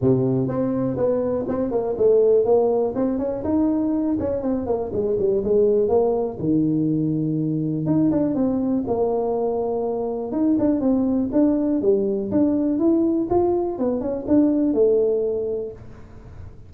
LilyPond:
\new Staff \with { instrumentName = "tuba" } { \time 4/4 \tempo 4 = 122 c4 c'4 b4 c'8 ais8 | a4 ais4 c'8 cis'8 dis'4~ | dis'8 cis'8 c'8 ais8 gis8 g8 gis4 | ais4 dis2. |
dis'8 d'8 c'4 ais2~ | ais4 dis'8 d'8 c'4 d'4 | g4 d'4 e'4 f'4 | b8 cis'8 d'4 a2 | }